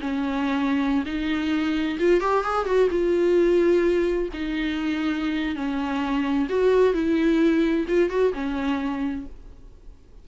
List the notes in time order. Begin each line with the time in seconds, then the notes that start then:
0.00 C#4
1.05 D#4
1.99 F4
2.20 G4
2.43 G#4
2.65 F#4
2.90 F4
4.33 D#4
5.55 C#4
6.49 F#4
6.93 E4
7.88 F4
8.09 F#4
8.33 C#4